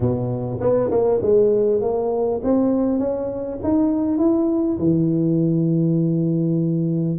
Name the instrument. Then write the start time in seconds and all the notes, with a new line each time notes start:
tuba
0.00 B2
0.60 B3
0.91 A#3
1.22 G#3
1.81 A#3
2.43 C4
2.98 C#4
3.63 D#4
4.18 E4
4.78 E3